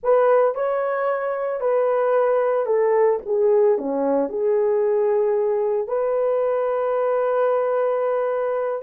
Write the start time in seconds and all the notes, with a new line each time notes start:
0.03 B4
0.55 C#5
1.60 B4
2.65 A4
3.25 G#4
3.77 C#4
4.29 G#4
5.87 B4